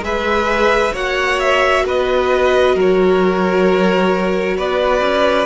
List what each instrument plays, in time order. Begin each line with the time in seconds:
0.00 cello G#3, viola G#4, violin B4 E5
0.93 cello A#3, viola F#4, violin C#5 F#5
1.39 violin E5
1.84 cello B3, violin B4 D#5
2.75 cello F#3, violin A#4 C#5
4.56 cello B3, violin B4 D5
5.01 cello C#4